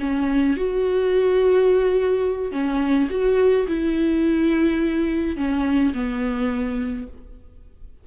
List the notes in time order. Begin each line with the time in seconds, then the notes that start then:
0.00 C#4
0.57 F#4
2.52 C#4
3.10 F#4
3.67 E4
5.37 C#4
5.94 B3